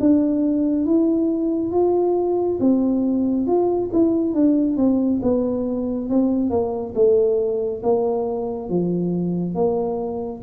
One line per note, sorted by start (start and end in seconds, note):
0.00 0.86 D4
0.86 1.72 E4
1.72 2.59 F4
2.60 3.47 C4
3.47 3.91 F4
3.93 4.34 E4
4.34 4.77 D4
4.77 5.21 C4
5.23 6.09 B3
6.09 6.50 C4
6.50 6.94 A#3
6.95 7.82 A3
7.83 8.69 A#3
8.69 9.55 F3
9.55 10.42 A#3